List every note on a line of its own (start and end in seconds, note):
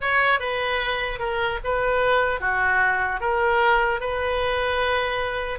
0.00 0.39 C#5
0.39 1.19 B4
1.19 1.59 A#4
1.64 2.40 B4
2.40 3.20 F#4
3.20 4.00 A#4
4.00 5.59 B4